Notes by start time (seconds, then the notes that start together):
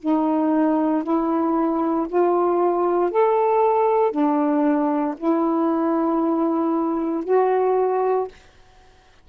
0.00 D#4
1.03 E4
2.08 F4
3.11 A4
4.11 D4
5.17 E4
7.24 F#4